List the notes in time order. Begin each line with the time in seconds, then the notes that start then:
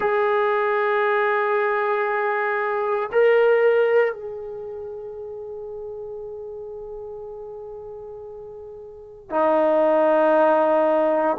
0.00 G#4
3.12 A#4
4.13 G#4
9.30 D#4